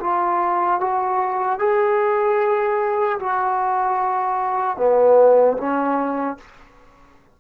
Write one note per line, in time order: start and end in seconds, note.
0.00 0.80 F4
0.80 1.59 F#4
1.59 3.19 G#4
3.19 4.77 F#4
4.77 5.57 B3
5.57 6.37 C#4